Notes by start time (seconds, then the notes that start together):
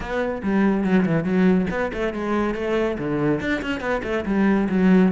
0.00 B3
0.42 G3
0.84 F#3
1.05 E3
1.24 F#3
1.70 B3
1.93 A3
2.13 G#3
2.54 A3
2.98 D3
3.40 D4
3.62 C#4
3.80 B3
4.03 A3
4.25 G3
4.69 F#3